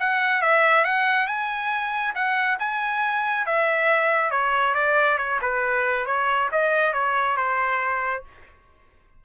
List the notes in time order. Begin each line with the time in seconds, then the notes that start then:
0.00 F#5
0.42 E5
0.85 F#5
1.27 G#5
2.15 F#5
2.60 G#5
3.46 E5
4.31 C#5
4.75 D5
5.18 C#5
5.42 B4
6.06 C#5
6.52 D#5
6.93 C#5
7.37 C5